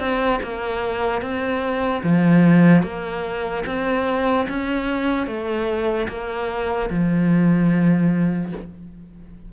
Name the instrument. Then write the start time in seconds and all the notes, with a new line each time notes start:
cello
0.00 C4
0.43 A#3
1.22 C4
2.03 F3
2.83 A#3
3.67 C4
4.49 C#4
5.27 A3
6.09 A#3
6.91 F3